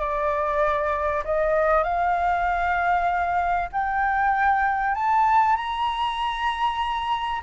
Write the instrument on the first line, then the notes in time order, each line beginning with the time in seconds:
flute
0.00 D5
1.25 D#5
1.84 F5
3.72 G5
4.95 A5
5.56 A#5